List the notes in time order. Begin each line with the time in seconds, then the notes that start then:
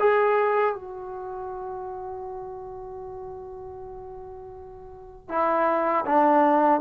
0.00 G#4
0.75 F#4
5.29 E4
6.06 D4